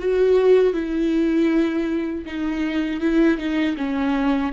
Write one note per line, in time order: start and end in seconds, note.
0.00 0.74 F#4
0.74 2.26 E4
2.26 3.01 D#4
3.01 3.38 E4
3.38 3.76 D#4
3.78 4.53 C#4